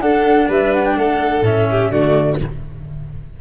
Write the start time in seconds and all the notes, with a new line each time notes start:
0.00 D4 A4 F#5
0.48 G3 B4 E5
0.73 F#5
0.85 G5
0.96 A3 A4 F#5
1.41 A2 C#4 E5
1.70 G4
1.90 D3 A3 F#4 D5